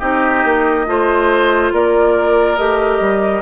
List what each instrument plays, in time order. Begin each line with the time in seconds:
0.00 bassoon C4, clarinet D#4, oboe G4, flute D#5
0.45 bassoon A#3
0.86 bassoon A3, clarinet F4, oboe C5
1.73 bassoon A#3, oboe A#4, flute D5
2.57 bassoon A3, clarinet G4, flute D#5
3.00 bassoon G3